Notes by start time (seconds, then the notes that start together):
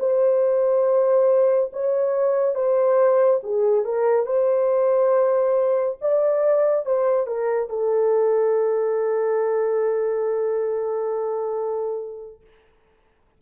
0.00 C5
1.73 C#5
2.55 C5
3.44 G#4
3.85 A#4
4.27 C5
6.02 D5
6.86 C5
7.27 A#4
7.70 A4